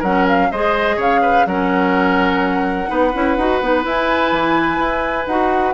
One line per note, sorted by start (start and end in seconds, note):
0.00 0.50 F#3
0.00 0.52 C#4
0.00 0.48 A#4
0.00 0.27 F#5
0.29 0.52 F5
0.52 0.97 G#3
0.52 1.49 G#4
0.52 0.97 C5
0.52 1.00 D#5
0.97 1.45 C#3
0.97 1.21 C#5
0.97 1.47 F5
1.22 1.46 B4
1.46 2.89 F#3
1.46 2.87 C#4
1.46 2.90 A#4
1.46 3.85 F#5
2.87 3.14 B3
2.87 3.11 D#4
2.87 5.74 B4
3.14 3.37 C#4
3.14 3.38 E4
3.37 3.61 D#4
3.37 3.63 F#4
3.61 3.85 B3
3.61 3.83 D#4
3.83 5.25 E4
3.83 4.32 E4
3.83 5.27 G#5
4.32 4.79 E3
4.79 5.26 E4
5.27 5.74 D#4
5.27 5.74 F#4
5.27 5.74 F#5